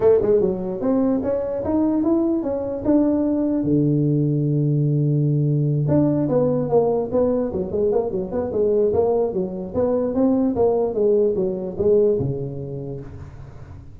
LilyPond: \new Staff \with { instrumentName = "tuba" } { \time 4/4 \tempo 4 = 148 a8 gis8 fis4 c'4 cis'4 | dis'4 e'4 cis'4 d'4~ | d'4 d2.~ | d2~ d8 d'4 b8~ |
b8 ais4 b4 fis8 gis8 ais8 | fis8 b8 gis4 ais4 fis4 | b4 c'4 ais4 gis4 | fis4 gis4 cis2 | }